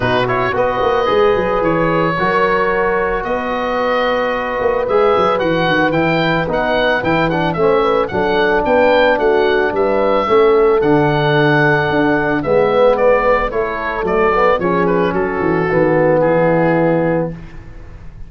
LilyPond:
<<
  \new Staff \with { instrumentName = "oboe" } { \time 4/4 \tempo 4 = 111 b'8 cis''8 dis''2 cis''4~ | cis''2 dis''2~ | dis''4 e''4 fis''4 g''4 | fis''4 g''8 fis''8 e''4 fis''4 |
g''4 fis''4 e''2 | fis''2. e''4 | d''4 cis''4 d''4 cis''8 b'8 | a'2 gis'2 | }
  \new Staff \with { instrumentName = "horn" } { \time 4/4 fis'4 b'2. | ais'2 b'2~ | b'1~ | b'2 c''8 b'8 a'4 |
b'4 fis'4 b'4 a'4~ | a'2. b'4~ | b'4 a'2 gis'4 | fis'2 e'2 | }
  \new Staff \with { instrumentName = "trombone" } { \time 4/4 dis'8 e'8 fis'4 gis'2 | fis'1~ | fis'4 gis'4 fis'4 e'4 | dis'4 e'8 d'8 cis'4 d'4~ |
d'2. cis'4 | d'2. b4~ | b4 e'4 a8 b8 cis'4~ | cis'4 b2. | }
  \new Staff \with { instrumentName = "tuba" } { \time 4/4 b,4 b8 ais8 gis8 fis8 e4 | fis2 b2~ | b8 ais8 gis8 fis8 e8 dis8 e4 | b4 e4 a4 fis4 |
b4 a4 g4 a4 | d2 d'4 gis4~ | gis4 a4 fis4 f4 | fis8 e8 dis4 e2 | }
>>